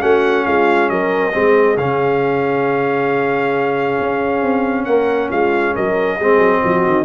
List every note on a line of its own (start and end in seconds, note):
0.00 0.46 A3
0.00 1.32 C#4
0.00 0.45 F#4
0.00 0.46 F#5
0.46 0.90 G#3
0.46 0.91 F4
0.46 0.89 F5
0.89 1.34 F#3
0.89 1.35 A#4
0.89 1.77 D#5
1.33 1.77 G#3
1.33 1.77 C4
1.33 4.88 G#4
1.77 3.98 C#3
1.77 6.21 C#4
1.77 4.85 F5
4.00 4.43 C#4
4.43 4.87 C4
4.85 5.31 A#3
4.85 5.29 A#4
4.85 5.29 F#5
5.29 5.76 G#3
5.29 5.73 F4
5.29 5.75 F5
5.75 6.20 F#3
5.75 6.17 A#4
5.75 7.05 D#5
6.17 6.38 G#3
6.17 7.05 C4
6.17 6.62 G#4
6.38 6.60 F#3
6.63 6.86 F3
6.63 7.05 F#4
6.86 7.05 D#3